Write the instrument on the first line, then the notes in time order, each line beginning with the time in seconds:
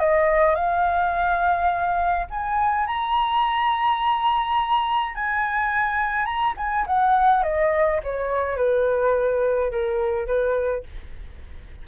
flute
0.00 D#5
0.56 F5
2.31 G#5
2.87 A#5
5.15 G#5
6.26 A#5
6.57 G#5
6.87 F#5
7.44 D#5
8.04 C#5
8.57 B4
9.72 A#4
10.27 B4